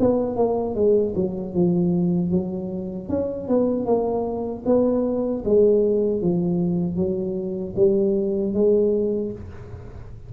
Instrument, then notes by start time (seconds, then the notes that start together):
tuba
0.00 B3
0.36 A#3
0.75 G#3
1.16 F#3
1.54 F3
2.31 F#3
3.09 C#4
3.48 B3
3.86 A#3
4.66 B3
5.45 G#3
6.22 F3
6.97 F#3
7.76 G3
8.54 G#3